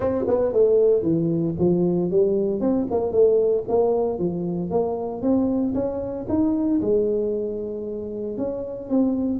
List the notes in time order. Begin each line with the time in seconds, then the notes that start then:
0.00 C4
0.27 B3
0.52 A3
1.02 E3
1.59 F3
2.10 G3
2.60 C4
2.90 A#3
3.12 A3
3.68 A#3
4.18 F3
4.70 A#3
5.22 C4
5.74 C#4
6.28 D#4
6.81 G#3
8.37 C#4
8.89 C4